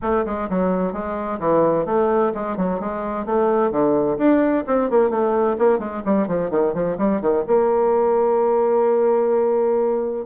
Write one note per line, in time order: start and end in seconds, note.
0.02 0.25 A3
0.25 0.48 G#3
0.49 0.92 F#3
0.92 1.39 G#3
1.39 1.85 E3
1.85 2.32 A3
2.34 2.56 G#3
2.56 2.79 F#3
2.79 3.25 G#3
3.25 3.71 A3
3.71 4.17 D3
4.18 4.64 D4
4.67 4.90 C4
4.90 5.10 A#3
5.10 5.56 A3
5.58 5.79 A#3
5.79 6.02 G#3
6.05 6.27 G3
6.27 6.50 F3
6.50 6.73 D#3
6.74 6.97 F3
6.98 7.21 G3
7.21 7.44 D#3
7.47 10.25 A#3